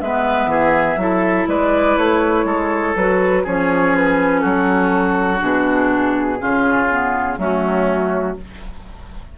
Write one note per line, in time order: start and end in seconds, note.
0.00 0.46 G#3
0.00 0.99 B3
0.00 0.50 B4
0.00 1.48 E5
0.46 0.95 E3
0.46 0.99 G#4
0.96 1.45 F#3
0.96 2.95 E4
0.96 1.48 A4
1.47 1.96 G#3
1.47 2.46 B4
1.47 1.97 D5
1.97 2.44 A3
1.97 2.96 C#5
2.44 2.94 G#3
2.44 3.43 A4
2.95 3.44 F#3
2.95 3.45 F#4
2.95 3.45 B4
3.43 4.44 F3
3.43 5.39 C#4
3.43 4.41 G#4
3.43 3.95 C#5
3.95 4.40 B4
4.40 5.41 F#3
4.40 6.37 F#4
4.40 5.38 A4
5.39 6.39 B2
5.39 6.37 D4
5.39 7.38 G#4
6.39 7.37 C#3
6.39 6.88 C#4
6.39 7.39 F4
6.90 7.37 B3
7.37 8.36 F#3
7.37 8.35 A3
7.37 8.37 C#4
7.37 8.38 F#4